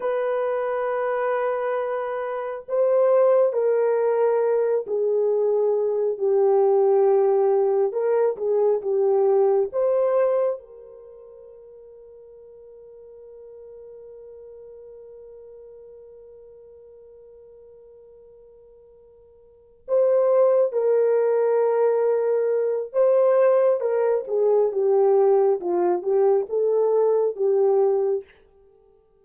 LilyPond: \new Staff \with { instrumentName = "horn" } { \time 4/4 \tempo 4 = 68 b'2. c''4 | ais'4. gis'4. g'4~ | g'4 ais'8 gis'8 g'4 c''4 | ais'1~ |
ais'1~ | ais'2~ ais'8 c''4 ais'8~ | ais'2 c''4 ais'8 gis'8 | g'4 f'8 g'8 a'4 g'4 | }